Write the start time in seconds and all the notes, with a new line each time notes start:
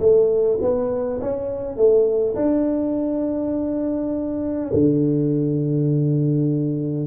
0.00 A3
0.61 B3
1.22 C#4
1.76 A3
2.36 D4
4.74 D3